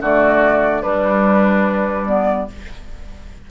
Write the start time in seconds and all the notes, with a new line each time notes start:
0.00 D3 A3 F#4 D5
0.81 G3 D4 B4
2.05 B3 D5